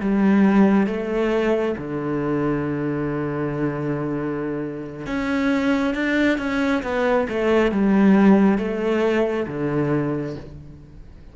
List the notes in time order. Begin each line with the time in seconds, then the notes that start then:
0.00 G3
0.87 A3
1.77 D3
5.06 C#4
5.94 D4
6.38 C#4
6.83 B3
7.28 A3
7.71 G3
8.58 A3
9.47 D3